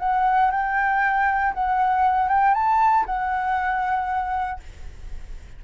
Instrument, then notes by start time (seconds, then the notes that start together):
flute
0.00 F#5
0.51 G5
1.54 F#5
2.29 G5
2.55 A5
3.06 F#5